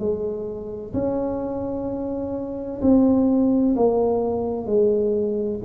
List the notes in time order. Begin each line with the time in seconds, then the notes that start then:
0.00 G#3
0.94 C#4
2.82 C4
3.76 A#3
4.67 G#3